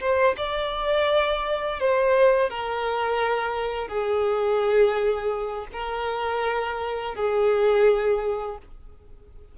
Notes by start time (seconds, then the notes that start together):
0.00 C5
0.37 D5
1.80 C5
2.50 A#4
3.88 G#4
5.72 A#4
7.15 G#4